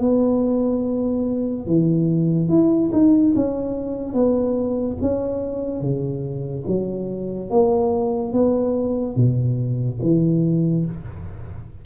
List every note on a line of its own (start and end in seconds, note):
0.00 1.67 B3
1.67 2.49 E3
2.49 2.91 E4
2.93 3.34 D#4
3.36 4.14 C#4
4.14 4.97 B3
5.02 5.81 C#4
5.81 6.64 C#3
6.67 7.50 F#3
7.50 8.33 A#3
8.33 9.16 B3
9.16 10.00 B2
10.02 10.86 E3